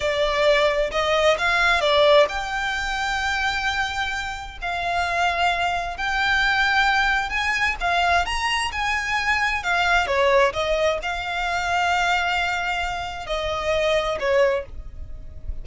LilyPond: \new Staff \with { instrumentName = "violin" } { \time 4/4 \tempo 4 = 131 d''2 dis''4 f''4 | d''4 g''2.~ | g''2 f''2~ | f''4 g''2. |
gis''4 f''4 ais''4 gis''4~ | gis''4 f''4 cis''4 dis''4 | f''1~ | f''4 dis''2 cis''4 | }